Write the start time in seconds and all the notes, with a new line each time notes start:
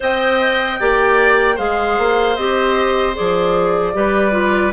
0.00 C4 C5 D#5 G5
0.79 A#3 G4 D5
1.55 G#3 G#4 C5 F5
1.98 A#3
2.36 C4 G4 D#5
3.14 F3 G#4 D5
3.93 G3 G4 B4
4.31 F4